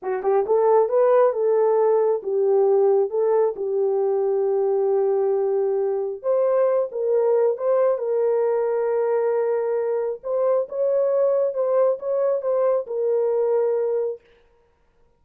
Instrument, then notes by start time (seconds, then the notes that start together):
horn
0.02 F#4
0.22 G4
0.46 A4
0.88 B4
1.32 A4
2.22 G4
3.10 A4
3.56 G4
6.22 C5
6.91 A#4
7.57 C5
7.97 A#4
10.23 C5
10.68 C#5
11.54 C5
11.99 C#5
12.41 C5
12.86 A#4